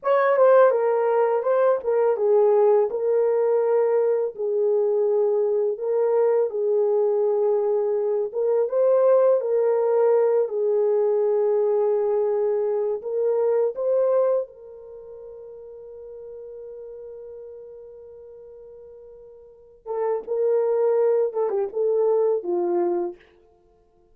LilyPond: \new Staff \with { instrumentName = "horn" } { \time 4/4 \tempo 4 = 83 cis''8 c''8 ais'4 c''8 ais'8 gis'4 | ais'2 gis'2 | ais'4 gis'2~ gis'8 ais'8 | c''4 ais'4. gis'4.~ |
gis'2 ais'4 c''4 | ais'1~ | ais'2.~ ais'8 a'8 | ais'4. a'16 g'16 a'4 f'4 | }